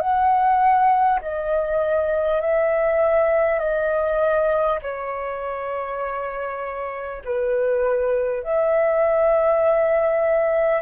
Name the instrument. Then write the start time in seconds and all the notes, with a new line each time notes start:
flute
0.00 F#5
1.22 D#5
2.41 E5
3.59 D#5
4.82 C#5
7.25 B4
8.44 E5